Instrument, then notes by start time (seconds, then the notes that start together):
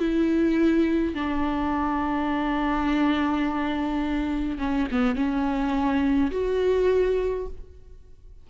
viola
0.00 E4
1.15 D4
4.58 C#4
4.91 B3
5.16 C#4
6.31 F#4